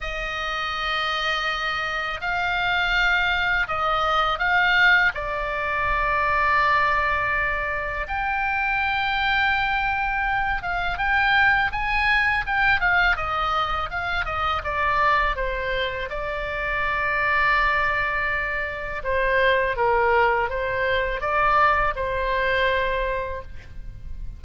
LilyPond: \new Staff \with { instrumentName = "oboe" } { \time 4/4 \tempo 4 = 82 dis''2. f''4~ | f''4 dis''4 f''4 d''4~ | d''2. g''4~ | g''2~ g''8 f''8 g''4 |
gis''4 g''8 f''8 dis''4 f''8 dis''8 | d''4 c''4 d''2~ | d''2 c''4 ais'4 | c''4 d''4 c''2 | }